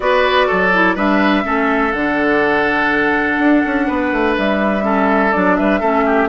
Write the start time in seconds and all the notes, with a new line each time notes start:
0.00 B3 F#4 B4 D5
0.46 F#3 A4
0.73 E4
0.95 G3 D4 B4 E5
1.43 A3 C#4 A4
1.92 D3 D4 F#5
3.38 D4
3.65 C#4
3.87 B3 B4
4.12 A3
4.37 G3 E5
4.82 C#4 A4
5.32 F#3 D4 D5
5.56 G3 B4 E5
5.80 A3 C#4 A4
6.05 G4